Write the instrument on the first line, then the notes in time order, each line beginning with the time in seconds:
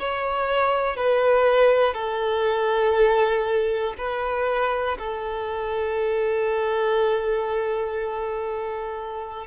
violin
0.00 C#5
0.97 B4
1.94 A4
3.98 B4
4.98 A4